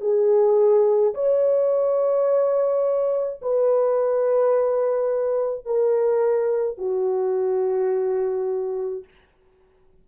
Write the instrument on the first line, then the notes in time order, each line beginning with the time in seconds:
horn
0.00 G#4
1.14 C#5
3.41 B4
5.65 A#4
6.77 F#4